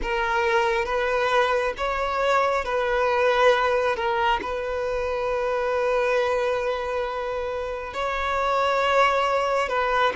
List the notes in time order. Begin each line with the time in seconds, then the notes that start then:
0.02 A#4
0.85 B4
1.76 C#5
2.64 B4
3.95 A#4
4.42 B4
7.93 C#5
9.68 B4